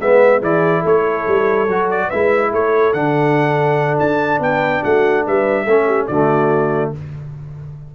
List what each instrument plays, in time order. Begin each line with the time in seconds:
0.00 tuba G#3, trombone B3, horn B4, trumpet E5
0.40 tuba E3, trombone E4, horn G#4, trumpet D5
0.81 tuba A3, horn A4
0.87 trumpet C#5
1.28 tuba G3
1.68 tuba F#3, trombone F#4
1.91 trumpet D5
2.08 tuba G#3, trombone E4, horn B4, trumpet E5
2.53 tuba A3, horn A4, trumpet C#5
2.93 tuba D3, trombone D4, trumpet F#5
3.99 tuba D4, trumpet A5
4.39 tuba B3, horn B4, trumpet G5
4.83 tuba A3, horn F#4, trumpet F#5
5.26 tuba G3, horn B4, trumpet E5
5.65 tuba A3, trombone C#4, horn A4
5.87 horn G4
6.07 tuba D3, trombone A3, horn F#4, trumpet D5